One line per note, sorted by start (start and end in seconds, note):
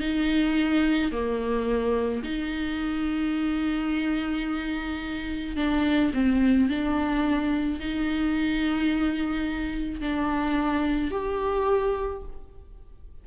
0.00 1.11 D#4
1.12 2.23 A#3
2.23 5.56 D#4
5.56 6.12 D4
6.13 6.69 C4
6.69 7.80 D4
7.80 10.01 D#4
10.01 11.11 D4
11.11 12.22 G4